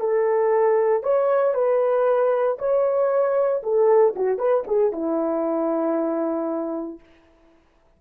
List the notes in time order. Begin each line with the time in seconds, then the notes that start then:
0.00 A4
1.03 C#5
1.54 B4
2.59 C#5
3.63 A4
4.16 F#4
4.38 B4
4.67 G#4
4.93 E4